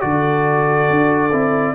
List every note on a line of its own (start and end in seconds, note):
0.00 0.89 D3
0.00 1.30 F#4
0.00 1.75 A4
0.00 1.75 D5
0.89 1.32 D4
1.32 1.75 C4
1.32 1.75 E4